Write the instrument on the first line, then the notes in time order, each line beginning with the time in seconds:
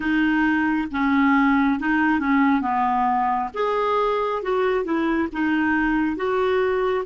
clarinet
0.00 D#4
0.91 C#4
1.79 D#4
2.19 C#4
2.61 B3
3.54 G#4
4.42 F#4
4.84 E4
5.32 D#4
6.16 F#4